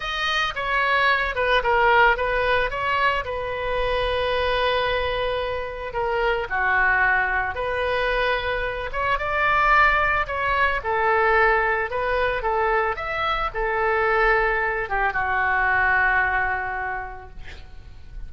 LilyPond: \new Staff \with { instrumentName = "oboe" } { \time 4/4 \tempo 4 = 111 dis''4 cis''4. b'8 ais'4 | b'4 cis''4 b'2~ | b'2. ais'4 | fis'2 b'2~ |
b'8 cis''8 d''2 cis''4 | a'2 b'4 a'4 | e''4 a'2~ a'8 g'8 | fis'1 | }